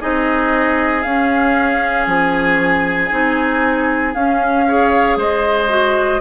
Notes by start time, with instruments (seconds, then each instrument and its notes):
0.00 bassoon C4, clarinet D#4, oboe G#4, flute D#5
1.03 clarinet C#4, bassoon C#4, flute F5
2.07 bassoon F3, flute G#5
3.10 bassoon C4, clarinet D#4
4.14 bassoon C#4, clarinet C#4, flute F5
4.68 clarinet G#4, oboe C#5
5.17 bassoon G#3, oboe C5, flute D#5
5.69 clarinet F#4